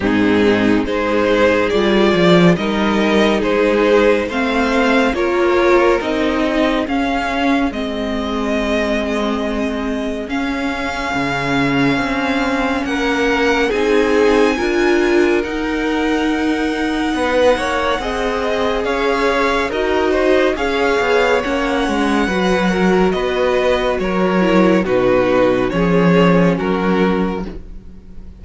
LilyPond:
<<
  \new Staff \with { instrumentName = "violin" } { \time 4/4 \tempo 4 = 70 gis'4 c''4 d''4 dis''4 | c''4 f''4 cis''4 dis''4 | f''4 dis''2. | f''2. fis''4 |
gis''2 fis''2~ | fis''2 f''4 dis''4 | f''4 fis''2 dis''4 | cis''4 b'4 cis''4 ais'4 | }
  \new Staff \with { instrumentName = "violin" } { \time 4/4 dis'4 gis'2 ais'4 | gis'4 c''4 ais'4. gis'8~ | gis'1~ | gis'2. ais'4 |
gis'4 ais'2. | b'8 cis''8 dis''4 cis''4 ais'8 c''8 | cis''2 b'8 ais'8 b'4 | ais'4 fis'4 gis'4 fis'4 | }
  \new Staff \with { instrumentName = "viola" } { \time 4/4 c'4 dis'4 f'4 dis'4~ | dis'4 c'4 f'4 dis'4 | cis'4 c'2. | cis'1 |
dis'4 f'4 dis'2~ | dis'4 gis'2 fis'4 | gis'4 cis'4 fis'2~ | fis'8 e'8 dis'4 cis'2 | }
  \new Staff \with { instrumentName = "cello" } { \time 4/4 gis,4 gis4 g8 f8 g4 | gis4 a4 ais4 c'4 | cis'4 gis2. | cis'4 cis4 c'4 ais4 |
c'4 d'4 dis'2 | b8 ais8 c'4 cis'4 dis'4 | cis'8 b8 ais8 gis8 fis4 b4 | fis4 b,4 f4 fis4 | }
>>